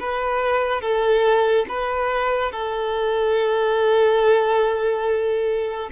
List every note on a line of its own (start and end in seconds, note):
0.00 0.81 B4
0.81 1.66 A4
1.69 2.52 B4
2.52 5.90 A4